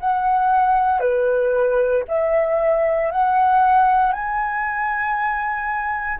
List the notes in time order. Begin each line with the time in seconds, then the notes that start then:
0.00 F#5
1.00 B4
2.08 E5
3.11 F#5
4.12 G#5